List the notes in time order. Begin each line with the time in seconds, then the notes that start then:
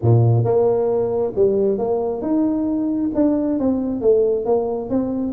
0.02 A#2
0.44 A#3
1.35 G3
1.77 A#3
2.21 D#4
3.14 D4
3.59 C4
4.01 A3
4.45 A#3
4.89 C4